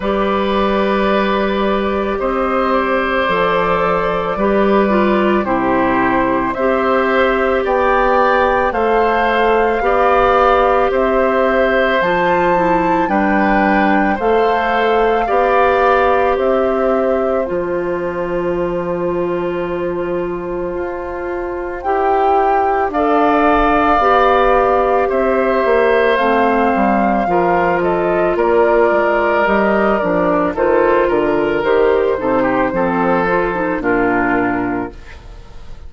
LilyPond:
<<
  \new Staff \with { instrumentName = "flute" } { \time 4/4 \tempo 4 = 55 d''2 dis''8 d''4.~ | d''4 c''4 e''4 g''4 | f''2 e''4 a''4 | g''4 f''2 e''4 |
a''1 | g''4 f''2 e''4 | f''4. dis''8 d''4 dis''8 d''8 | c''8 ais'8 c''2 ais'4 | }
  \new Staff \with { instrumentName = "oboe" } { \time 4/4 b'2 c''2 | b'4 g'4 c''4 d''4 | c''4 d''4 c''2 | b'4 c''4 d''4 c''4~ |
c''1~ | c''4 d''2 c''4~ | c''4 ais'8 a'8 ais'2 | a'8 ais'4 a'16 g'16 a'4 f'4 | }
  \new Staff \with { instrumentName = "clarinet" } { \time 4/4 g'2. a'4 | g'8 f'8 e'4 g'2 | a'4 g'2 f'8 e'8 | d'4 a'4 g'2 |
f'1 | g'4 a'4 g'2 | c'4 f'2 g'8 d'8 | f'4 g'8 dis'8 c'8 f'16 dis'16 d'4 | }
  \new Staff \with { instrumentName = "bassoon" } { \time 4/4 g2 c'4 f4 | g4 c4 c'4 b4 | a4 b4 c'4 f4 | g4 a4 b4 c'4 |
f2. f'4 | e'4 d'4 b4 c'8 ais8 | a8 g8 f4 ais8 gis8 g8 f8 | dis8 d8 dis8 c8 f4 ais,4 | }
>>